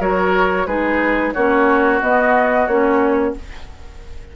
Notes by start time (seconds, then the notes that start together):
0.00 F#3 F#4 A#4 C#5
0.67 G#3 D#4 G#4 B4
1.33 A#3 C#4 F#4 C#5
2.01 B3 D#5
2.67 A#3 C#4 C#5